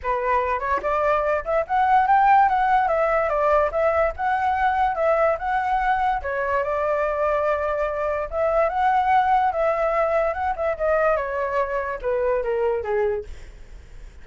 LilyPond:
\new Staff \with { instrumentName = "flute" } { \time 4/4 \tempo 4 = 145 b'4. cis''8 d''4. e''8 | fis''4 g''4 fis''4 e''4 | d''4 e''4 fis''2 | e''4 fis''2 cis''4 |
d''1 | e''4 fis''2 e''4~ | e''4 fis''8 e''8 dis''4 cis''4~ | cis''4 b'4 ais'4 gis'4 | }